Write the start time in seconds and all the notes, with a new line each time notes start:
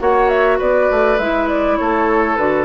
0.00 A#3 F#4 C#5 F#5
0.30 E5
0.59 B3 B4 D5
0.91 A3
1.19 G#3 E4 E5
1.49 D5
1.78 A3 A4 C#5
2.37 D3 F#4 B4